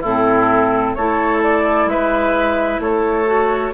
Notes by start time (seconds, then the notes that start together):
0.00 A2 C4 E4 A4
0.95 A3 E4 A4 C#5
1.43 D5
1.86 G#3 B4 E5
2.79 A3 A4 C#5
3.26 F#4